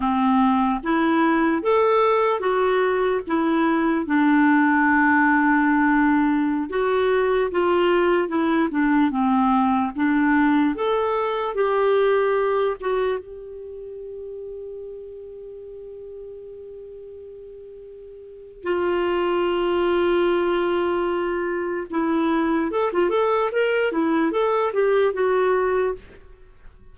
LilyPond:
\new Staff \with { instrumentName = "clarinet" } { \time 4/4 \tempo 4 = 74 c'4 e'4 a'4 fis'4 | e'4 d'2.~ | d'16 fis'4 f'4 e'8 d'8 c'8.~ | c'16 d'4 a'4 g'4. fis'16~ |
fis'16 g'2.~ g'8.~ | g'2. f'4~ | f'2. e'4 | a'16 f'16 a'8 ais'8 e'8 a'8 g'8 fis'4 | }